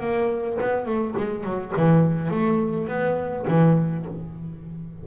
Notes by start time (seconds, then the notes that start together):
0.00 A#3
0.61 B3
0.85 A3
1.16 G#3
1.43 F#3
1.76 E3
2.30 A3
2.87 B3
3.47 E3